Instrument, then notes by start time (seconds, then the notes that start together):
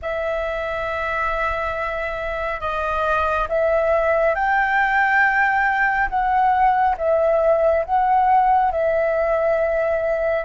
flute
0.02 E5
2.60 D#5
3.49 E5
4.34 G5
6.09 F#5
6.97 E5
7.85 F#5
8.71 E5